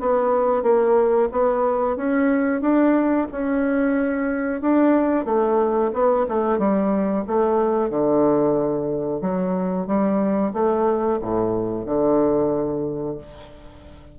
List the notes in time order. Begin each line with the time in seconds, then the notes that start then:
0.00 B3
0.63 A#3
1.32 B3
1.96 C#4
2.61 D4
3.31 C#4
4.61 D4
5.25 A3
5.93 B3
6.29 A3
6.59 G3
7.27 A3
7.90 D3
9.21 F#3
9.87 G3
10.53 A3
11.21 A2
11.86 D3